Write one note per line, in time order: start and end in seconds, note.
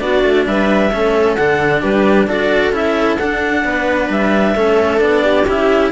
0.00 0.23 B3
0.00 0.91 D4
0.00 0.47 F#4
0.00 0.45 D5
0.23 0.46 A3
0.46 0.92 G3
0.46 0.91 B4
0.46 1.35 E5
0.91 1.37 A3
0.91 1.37 C#4
0.91 1.81 A4
1.35 1.83 D3
1.35 2.29 D4
1.35 1.81 F#5
1.81 2.27 G3
1.81 2.27 G4
1.81 2.28 B4
2.27 2.71 D4
2.27 2.73 F#4
2.27 3.64 A4
2.27 2.73 D5
2.71 3.17 C#4
2.71 3.18 E4
2.71 3.18 E5
3.18 3.64 D4
3.18 4.56 D4
3.18 4.09 F#5
3.64 4.09 B3
3.64 4.55 B4
4.09 4.55 G3
4.09 5.01 E5
4.55 5.00 A3
4.55 4.98 C#4
4.55 5.22 A4
4.98 5.46 B3
4.98 5.43 D4
4.98 5.47 D5
5.22 5.91 G4
5.47 5.91 C#4
5.47 5.91 E4
5.47 5.91 E5